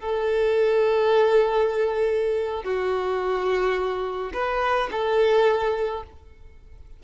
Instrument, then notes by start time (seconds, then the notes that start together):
violin
0.00 A4
2.64 F#4
4.33 B4
4.91 A4